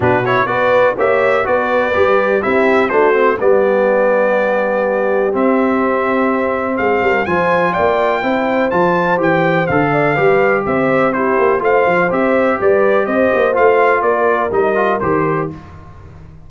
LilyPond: <<
  \new Staff \with { instrumentName = "trumpet" } { \time 4/4 \tempo 4 = 124 b'8 cis''8 d''4 e''4 d''4~ | d''4 e''4 c''4 d''4~ | d''2. e''4~ | e''2 f''4 gis''4 |
g''2 a''4 g''4 | f''2 e''4 c''4 | f''4 e''4 d''4 dis''4 | f''4 d''4 dis''4 c''4 | }
  \new Staff \with { instrumentName = "horn" } { \time 4/4 fis'4 b'4 cis''4 b'4~ | b'4 g'4 fis'4 g'4~ | g'1~ | g'2 gis'8 ais'8 c''4 |
d''4 c''2.~ | c''8 d''8 b'4 c''4 g'4 | c''2 b'4 c''4~ | c''4 ais'2. | }
  \new Staff \with { instrumentName = "trombone" } { \time 4/4 d'8 e'8 fis'4 g'4 fis'4 | g'4 e'4 d'8 c'8 b4~ | b2. c'4~ | c'2. f'4~ |
f'4 e'4 f'4 g'4 | a'4 g'2 e'4 | f'4 g'2. | f'2 dis'8 f'8 g'4 | }
  \new Staff \with { instrumentName = "tuba" } { \time 4/4 b,4 b4 ais4 b4 | g4 c'4 a4 g4~ | g2. c'4~ | c'2 gis8 g8 f4 |
ais4 c'4 f4 e4 | d4 g4 c'4. ais8 | a8 f8 c'4 g4 c'8 ais8 | a4 ais4 g4 dis4 | }
>>